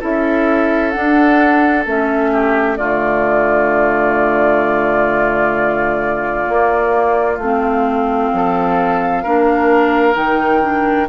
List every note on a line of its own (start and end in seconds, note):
0.00 0.95 C#4
0.00 0.93 E4
0.00 2.31 A4
0.00 0.91 E5
0.91 1.85 D4
0.91 1.86 D4
0.91 1.83 F#5
1.85 2.79 A3
1.85 2.78 C#4
1.85 2.77 E5
2.32 2.78 G4
2.77 6.48 D3
2.77 6.46 A3
2.77 8.32 F4
2.77 7.38 D5
6.46 7.38 A#3
7.38 8.30 A3
7.38 9.26 C4
7.38 10.15 F5
8.33 9.25 F3
8.33 9.23 A4
9.23 10.16 A#3
9.23 10.14 D4
9.23 11.08 A#4
10.14 11.09 D#3
10.14 10.60 D#4
10.14 11.08 G5
10.61 11.07 D4